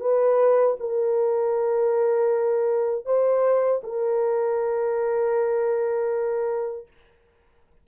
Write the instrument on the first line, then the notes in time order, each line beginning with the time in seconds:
horn
0.00 B4
0.79 A#4
3.06 C5
3.83 A#4